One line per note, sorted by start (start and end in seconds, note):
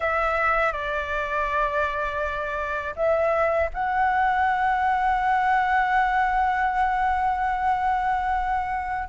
0.00 0.72 E5
0.72 2.94 D5
2.96 3.70 E5
3.73 9.08 F#5